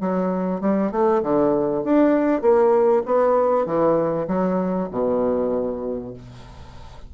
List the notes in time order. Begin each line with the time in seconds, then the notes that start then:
0.00 F#3
0.60 G3
0.91 A3
1.22 D3
1.84 D4
2.41 A#3
3.05 B3
3.66 E3
4.27 F#3
4.91 B2